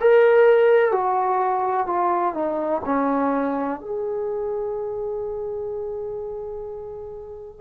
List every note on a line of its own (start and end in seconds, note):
0.00 0.91 A#4
0.91 1.86 F#4
1.86 2.34 F4
2.34 2.81 D#4
2.84 3.80 C#4
3.80 7.60 G#4